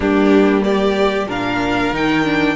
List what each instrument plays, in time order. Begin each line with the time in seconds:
0.00 cello G3, viola A#3, violin D4 G4
0.63 violin G4 D5
1.26 cello A#2, viola D4, violin A#4 F5
1.91 cello D#3, viola D#4, violin G5
2.25 viola D4